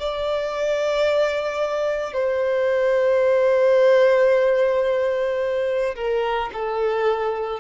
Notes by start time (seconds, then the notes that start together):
0.00 D5
2.13 C5
5.96 A#4
6.53 A4